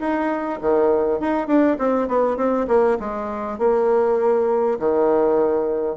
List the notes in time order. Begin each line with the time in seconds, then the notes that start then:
0.00 D#4
0.62 D#3
1.21 D#4
1.48 D4
1.79 C4
2.08 B3
2.37 C4
2.68 A#3
3.00 G#3
3.59 A#3
4.80 D#3